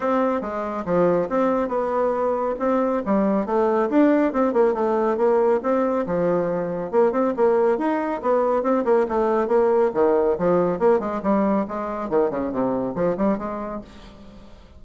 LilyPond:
\new Staff \with { instrumentName = "bassoon" } { \time 4/4 \tempo 4 = 139 c'4 gis4 f4 c'4 | b2 c'4 g4 | a4 d'4 c'8 ais8 a4 | ais4 c'4 f2 |
ais8 c'8 ais4 dis'4 b4 | c'8 ais8 a4 ais4 dis4 | f4 ais8 gis8 g4 gis4 | dis8 cis8 c4 f8 g8 gis4 | }